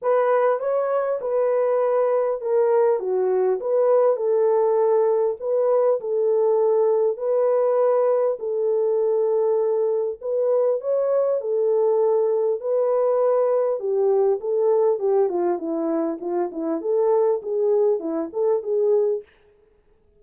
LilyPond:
\new Staff \with { instrumentName = "horn" } { \time 4/4 \tempo 4 = 100 b'4 cis''4 b'2 | ais'4 fis'4 b'4 a'4~ | a'4 b'4 a'2 | b'2 a'2~ |
a'4 b'4 cis''4 a'4~ | a'4 b'2 g'4 | a'4 g'8 f'8 e'4 f'8 e'8 | a'4 gis'4 e'8 a'8 gis'4 | }